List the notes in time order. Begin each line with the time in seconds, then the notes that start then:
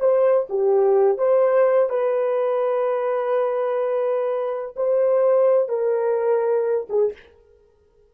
0.00 C5
0.50 G4
1.18 C5
1.90 B4
4.76 C5
5.69 A#4
6.90 G#4